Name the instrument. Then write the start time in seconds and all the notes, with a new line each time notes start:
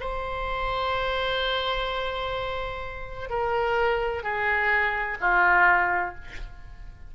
oboe
0.00 C5
3.30 A#4
4.23 G#4
5.21 F4